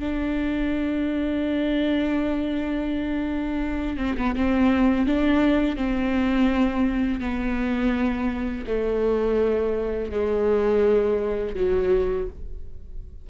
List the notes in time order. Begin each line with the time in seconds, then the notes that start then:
0.00 D4
3.97 C4
4.17 B3
4.36 C4
5.06 D4
5.77 C4
7.21 B3
8.67 A3
10.11 G#3
11.55 F#3